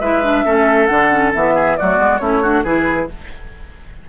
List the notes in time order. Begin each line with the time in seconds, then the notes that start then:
0.00 G#3 E4 B4 E5
0.23 D4
0.45 A3 C#4 A4
0.87 D3 D4 F#5
1.11 C#4
1.35 E3 B3 E5
1.55 G#4
1.77 F#3 A3 F#4 D5
1.97 G#3 B3
2.18 A3 C#4 E4 C#5
2.43 D4 F#4
2.64 E3 E4 G#4 B4